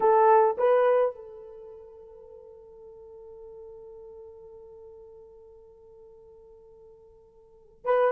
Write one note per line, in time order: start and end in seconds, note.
0.00 0.56 A4
0.57 1.15 B4
1.15 7.85 A4
7.85 8.12 B4